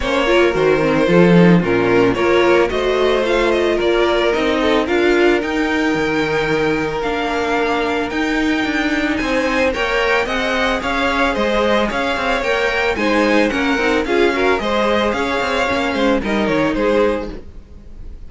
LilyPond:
<<
  \new Staff \with { instrumentName = "violin" } { \time 4/4 \tempo 4 = 111 cis''4 c''2 ais'4 | cis''4 dis''4 f''8 dis''8 d''4 | dis''4 f''4 g''2~ | g''4 f''2 g''4~ |
g''4 gis''4 g''4 fis''4 | f''4 dis''4 f''4 g''4 | gis''4 fis''4 f''4 dis''4 | f''2 dis''8 cis''8 c''4 | }
  \new Staff \with { instrumentName = "violin" } { \time 4/4 c''8 ais'4. a'4 f'4 | ais'4 c''2 ais'4~ | ais'8 a'8 ais'2.~ | ais'1~ |
ais'4 c''4 cis''4 dis''4 | cis''4 c''4 cis''2 | c''4 ais'4 gis'8 ais'8 c''4 | cis''4. c''8 ais'4 gis'4 | }
  \new Staff \with { instrumentName = "viola" } { \time 4/4 cis'8 f'8 fis'8 c'8 f'8 dis'8 cis'4 | f'4 fis'4 f'2 | dis'4 f'4 dis'2~ | dis'4 d'2 dis'4~ |
dis'2 ais'4 gis'4~ | gis'2. ais'4 | dis'4 cis'8 dis'8 f'8 fis'8 gis'4~ | gis'4 cis'4 dis'2 | }
  \new Staff \with { instrumentName = "cello" } { \time 4/4 ais4 dis4 f4 ais,4 | ais4 a2 ais4 | c'4 d'4 dis'4 dis4~ | dis4 ais2 dis'4 |
d'4 c'4 ais4 c'4 | cis'4 gis4 cis'8 c'8 ais4 | gis4 ais8 c'8 cis'4 gis4 | cis'8 c'8 ais8 gis8 g8 dis8 gis4 | }
>>